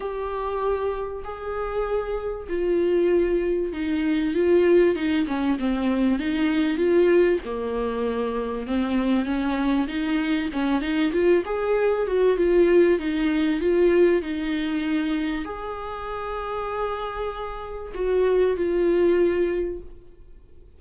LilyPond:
\new Staff \with { instrumentName = "viola" } { \time 4/4 \tempo 4 = 97 g'2 gis'2 | f'2 dis'4 f'4 | dis'8 cis'8 c'4 dis'4 f'4 | ais2 c'4 cis'4 |
dis'4 cis'8 dis'8 f'8 gis'4 fis'8 | f'4 dis'4 f'4 dis'4~ | dis'4 gis'2.~ | gis'4 fis'4 f'2 | }